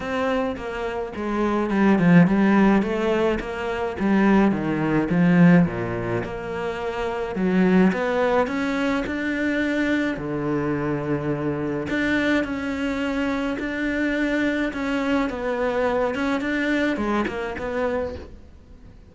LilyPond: \new Staff \with { instrumentName = "cello" } { \time 4/4 \tempo 4 = 106 c'4 ais4 gis4 g8 f8 | g4 a4 ais4 g4 | dis4 f4 ais,4 ais4~ | ais4 fis4 b4 cis'4 |
d'2 d2~ | d4 d'4 cis'2 | d'2 cis'4 b4~ | b8 cis'8 d'4 gis8 ais8 b4 | }